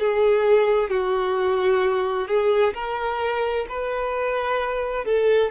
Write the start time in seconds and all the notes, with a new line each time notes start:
0.00 G#4
0.91 F#4
2.28 G#4
2.74 A#4
3.69 B4
5.06 A4